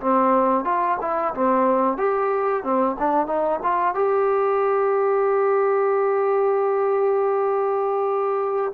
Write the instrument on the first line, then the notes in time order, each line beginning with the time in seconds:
trombone
0.00 C4
0.64 F4
1.01 E4
1.34 C4
1.97 G4
2.63 C4
2.99 D4
3.26 D#4
3.63 F4
3.94 G4